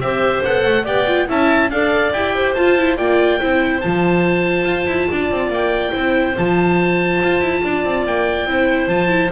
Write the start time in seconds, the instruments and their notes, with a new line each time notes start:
0.00 double bass C4, viola G4, clarinet C5, oboe E5
0.45 double bass B3, viola A4, oboe F#5
0.66 double bass A3
0.84 double bass B3, viola G4, clarinet D5, oboe G5
1.07 viola F4
1.28 double bass C#4, viola E4, clarinet E5, oboe A5
1.70 double bass D4, viola A4, clarinet D5, oboe F5
2.13 double bass E4, viola G4, oboe G5
2.35 clarinet C5
2.55 double bass F4, viola F4, oboe A5
2.79 viola E4
2.97 double bass A#3, viola F4, clarinet D5, oboe G5
3.40 double bass C4, viola E4, clarinet C5
3.81 double bass F3, viola F4, oboe A5
4.65 double bass F4
4.87 double bass E4
5.12 double bass D4, clarinet D5
5.31 double bass C4
5.49 double bass A#3, oboe G5
5.92 double bass C4, viola E4, clarinet C5
6.37 double bass F3, viola F4, oboe A5
7.23 double bass F4
7.41 double bass E4
7.64 double bass D4, clarinet D5
7.85 double bass C4
8.06 double bass A#3, oboe G5
8.46 double bass C4, viola E4, clarinet C5
8.88 double bass F3, viola F4, oboe A5
9.10 viola E4